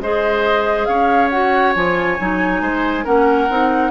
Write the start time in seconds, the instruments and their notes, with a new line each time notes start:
0.00 bassoon G#3, clarinet G#4, oboe C5, flute D#5
0.85 bassoon C#4, oboe C#5, flute F5
1.30 clarinet F#4, flute F#5
1.75 bassoon F3, clarinet F4, flute G#5
2.19 bassoon F#3, clarinet D#4
2.61 bassoon G#3, oboe C5
3.04 bassoon A#3, clarinet C#4, oboe A#4, flute F#5
3.49 bassoon C4, clarinet D#4